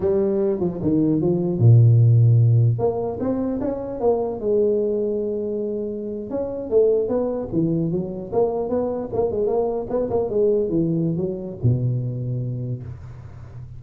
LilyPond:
\new Staff \with { instrumentName = "tuba" } { \time 4/4 \tempo 4 = 150 g4. f8 dis4 f4 | ais,2. ais4 | c'4 cis'4 ais4 gis4~ | gis2.~ gis8. cis'16~ |
cis'8. a4 b4 e4 fis16~ | fis8. ais4 b4 ais8 gis8 ais16~ | ais8. b8 ais8 gis4 e4~ e16 | fis4 b,2. | }